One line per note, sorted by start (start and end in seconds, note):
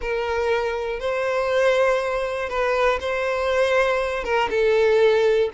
0.01 0.99 A#4
0.99 2.49 C5
2.49 2.99 B4
3.00 4.24 C5
4.24 4.49 A#4
4.50 5.50 A4